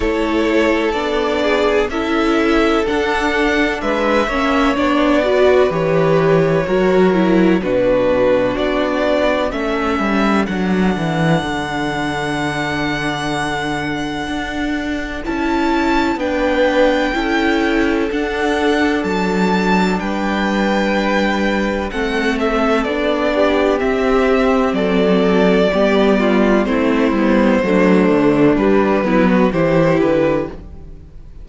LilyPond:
<<
  \new Staff \with { instrumentName = "violin" } { \time 4/4 \tempo 4 = 63 cis''4 d''4 e''4 fis''4 | e''4 d''4 cis''2 | b'4 d''4 e''4 fis''4~ | fis''1 |
a''4 g''2 fis''4 | a''4 g''2 fis''8 e''8 | d''4 e''4 d''2 | c''2 b'4 c''8 b'8 | }
  \new Staff \with { instrumentName = "violin" } { \time 4/4 a'4. gis'8 a'2 | b'8 cis''4 b'4. ais'4 | fis'2 a'2~ | a'1~ |
a'4 b'4 a'2~ | a'4 b'2 a'4~ | a'8 g'4. a'4 g'8 f'8 | e'4 d'4. e'16 fis'16 g'4 | }
  \new Staff \with { instrumentName = "viola" } { \time 4/4 e'4 d'4 e'4 d'4~ | d'8 cis'8 d'8 fis'8 g'4 fis'8 e'8 | d'2 cis'4 d'4~ | d'1 |
e'4 d'4 e'4 d'4~ | d'2. c'4 | d'4 c'2 b4 | c'8 b8 a4 g8 b8 e'4 | }
  \new Staff \with { instrumentName = "cello" } { \time 4/4 a4 b4 cis'4 d'4 | gis8 ais8 b4 e4 fis4 | b,4 b4 a8 g8 fis8 e8 | d2. d'4 |
cis'4 b4 cis'4 d'4 | fis4 g2 a4 | b4 c'4 fis4 g4 | a8 g8 fis8 d8 g8 fis8 e8 d8 | }
>>